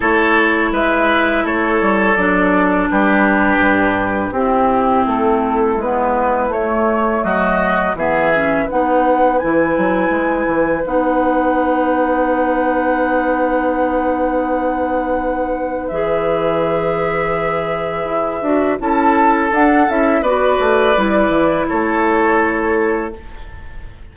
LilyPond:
<<
  \new Staff \with { instrumentName = "flute" } { \time 4/4 \tempo 4 = 83 cis''4 e''4 cis''4 d''4 | b'2 g'4 a'4 | b'4 cis''4 dis''4 e''4 | fis''4 gis''2 fis''4~ |
fis''1~ | fis''2 e''2~ | e''2 a''4 fis''8 e''8 | d''2 cis''2 | }
  \new Staff \with { instrumentName = "oboe" } { \time 4/4 a'4 b'4 a'2 | g'2 e'2~ | e'2 fis'4 gis'4 | b'1~ |
b'1~ | b'1~ | b'2 a'2 | b'2 a'2 | }
  \new Staff \with { instrumentName = "clarinet" } { \time 4/4 e'2. d'4~ | d'2 c'2 | b4 a2 b8 cis'8 | dis'4 e'2 dis'4~ |
dis'1~ | dis'2 gis'2~ | gis'4. fis'8 e'4 d'8 e'8 | fis'4 e'2. | }
  \new Staff \with { instrumentName = "bassoon" } { \time 4/4 a4 gis4 a8 g8 fis4 | g4 g,4 c'4 a4 | gis4 a4 fis4 e4 | b4 e8 fis8 gis8 e8 b4~ |
b1~ | b2 e2~ | e4 e'8 d'8 cis'4 d'8 cis'8 | b8 a8 g8 e8 a2 | }
>>